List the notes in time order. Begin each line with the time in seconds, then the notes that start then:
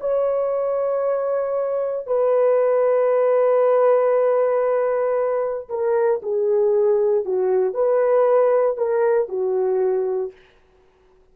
0.00 C#5
2.06 B4
5.69 A#4
6.23 G#4
7.25 F#4
7.74 B4
8.77 A#4
9.29 F#4